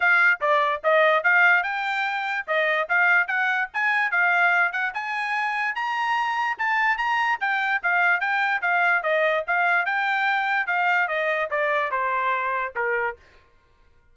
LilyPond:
\new Staff \with { instrumentName = "trumpet" } { \time 4/4 \tempo 4 = 146 f''4 d''4 dis''4 f''4 | g''2 dis''4 f''4 | fis''4 gis''4 f''4. fis''8 | gis''2 ais''2 |
a''4 ais''4 g''4 f''4 | g''4 f''4 dis''4 f''4 | g''2 f''4 dis''4 | d''4 c''2 ais'4 | }